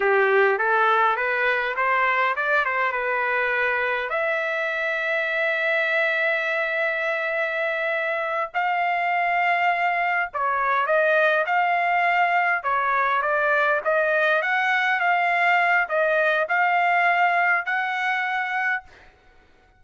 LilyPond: \new Staff \with { instrumentName = "trumpet" } { \time 4/4 \tempo 4 = 102 g'4 a'4 b'4 c''4 | d''8 c''8 b'2 e''4~ | e''1~ | e''2~ e''8 f''4.~ |
f''4. cis''4 dis''4 f''8~ | f''4. cis''4 d''4 dis''8~ | dis''8 fis''4 f''4. dis''4 | f''2 fis''2 | }